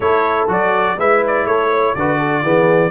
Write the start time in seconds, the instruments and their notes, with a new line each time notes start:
0.00 tuba A3, trombone E4, horn A4, trumpet C#5
0.47 tuba F#3, trombone F#4, trumpet D5
0.97 tuba G#3, trombone E4, horn B4, trumpet E5
1.27 trumpet D5
1.46 tuba A3, horn A4, trumpet C#5
1.70 horn C#5
1.95 tuba D3, trombone F#4, horn B4, trumpet D5
2.18 horn A4
2.43 tuba E3, trombone B3, horn G#4